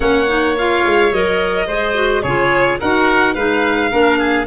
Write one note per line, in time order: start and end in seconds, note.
0.00 0.84 A#3
0.00 0.26 C#4
0.00 1.65 C#5
0.00 0.55 F#5
0.27 0.55 D#4
0.58 1.12 F4
0.58 1.12 F5
0.85 1.12 G#3
1.12 1.67 F#3
1.12 1.68 A#4
1.12 2.22 D#5
1.66 2.23 G#3
1.66 1.93 G#4
1.66 2.22 C5
1.93 2.21 F#4
2.22 2.80 C#3
2.22 2.81 F4
2.22 2.79 G#4
2.22 2.78 C#5
2.80 3.35 D#4
2.80 3.35 F#4
2.80 3.34 A#4
2.80 3.34 F#5
3.34 3.91 G#3
3.34 3.90 D#4
3.34 3.90 B4
3.34 4.46 F5
3.90 4.46 A#3
3.90 4.46 D4
3.90 4.18 A#4
4.18 4.46 G#4